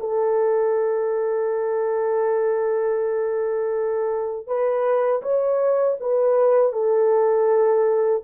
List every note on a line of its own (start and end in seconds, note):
0.00 4.47 A4
4.47 5.22 B4
5.22 5.97 C#5
6.00 6.73 B4
6.73 8.23 A4